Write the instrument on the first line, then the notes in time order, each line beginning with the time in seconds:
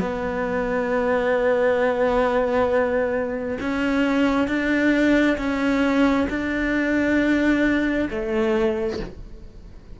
cello
0.00 B3
3.60 C#4
4.48 D4
5.38 C#4
6.30 D4
8.10 A3